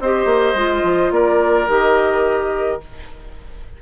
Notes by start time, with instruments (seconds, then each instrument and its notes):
0.00 bassoon C4, clarinet G4, oboe C5, flute D#5
0.25 bassoon A#3
0.54 bassoon G#3, clarinet F4
0.83 bassoon F3
1.11 bassoon A#3, oboe A#4, flute D5
1.68 bassoon D#3, clarinet G4, flute D#5